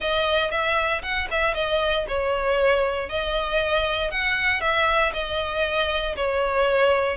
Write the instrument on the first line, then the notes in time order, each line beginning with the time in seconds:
violin
0.00 D#5
0.50 E5
1.02 F#5
1.30 E5
1.54 D#5
2.08 C#5
3.09 D#5
4.10 F#5
4.61 E5
5.13 D#5
6.15 C#5